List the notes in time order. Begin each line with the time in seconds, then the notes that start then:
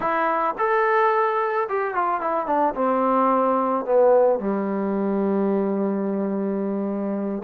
0.00 E4
0.58 A4
1.68 G4
1.94 F4
2.20 E4
2.46 D4
2.74 C4
3.85 B3
4.39 G3